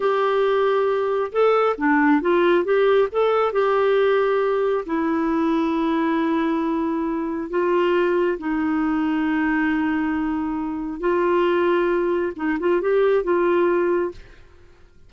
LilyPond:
\new Staff \with { instrumentName = "clarinet" } { \time 4/4 \tempo 4 = 136 g'2. a'4 | d'4 f'4 g'4 a'4 | g'2. e'4~ | e'1~ |
e'4 f'2 dis'4~ | dis'1~ | dis'4 f'2. | dis'8 f'8 g'4 f'2 | }